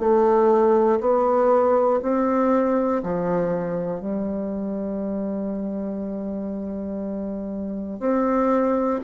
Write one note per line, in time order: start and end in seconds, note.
0.00 1.00 A3
1.00 2.00 B3
2.02 3.02 C4
3.03 4.00 F3
4.00 8.00 G3
8.00 9.00 C4